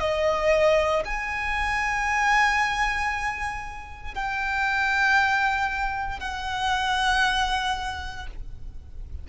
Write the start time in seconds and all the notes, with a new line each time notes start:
0.00 D#5
1.05 G#5
4.15 G5
6.20 F#5